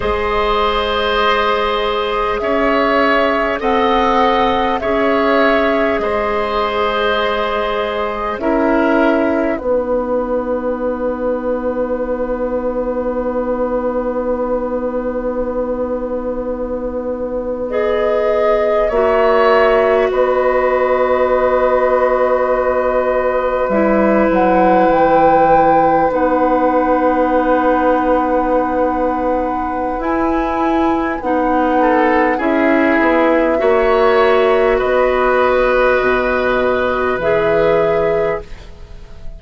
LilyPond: <<
  \new Staff \with { instrumentName = "flute" } { \time 4/4 \tempo 4 = 50 dis''2 e''4 fis''4 | e''4 dis''2 e''4 | fis''1~ | fis''2~ fis''8. dis''4 e''16~ |
e''8. dis''2. e''16~ | e''16 fis''8 g''4 fis''2~ fis''16~ | fis''4 gis''4 fis''4 e''4~ | e''4 dis''2 e''4 | }
  \new Staff \with { instrumentName = "oboe" } { \time 4/4 c''2 cis''4 dis''4 | cis''4 c''2 ais'4 | b'1~ | b'2.~ b'8. cis''16~ |
cis''8. b'2.~ b'16~ | b'1~ | b'2~ b'8 a'8 gis'4 | cis''4 b'2. | }
  \new Staff \with { instrumentName = "clarinet" } { \time 4/4 gis'2. a'4 | gis'2. e'4 | dis'1~ | dis'2~ dis'8. gis'4 fis'16~ |
fis'2.~ fis'8. e'16~ | e'4.~ e'16 dis'2~ dis'16~ | dis'4 e'4 dis'4 e'4 | fis'2. gis'4 | }
  \new Staff \with { instrumentName = "bassoon" } { \time 4/4 gis2 cis'4 c'4 | cis'4 gis2 cis'4 | b1~ | b2.~ b8. ais16~ |
ais8. b2. g16~ | g16 fis8 e4 b2~ b16~ | b4 e'4 b4 cis'8 b8 | ais4 b4 b,4 e4 | }
>>